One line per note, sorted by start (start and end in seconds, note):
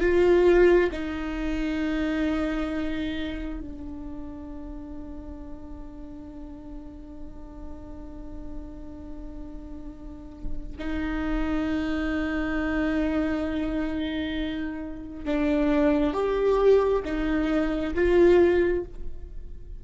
0.00 0.90 F4
0.92 3.60 D#4
3.60 10.77 D4
10.79 15.25 D#4
15.25 16.13 D4
16.13 17.03 G4
17.04 17.94 D#4
17.95 18.84 F4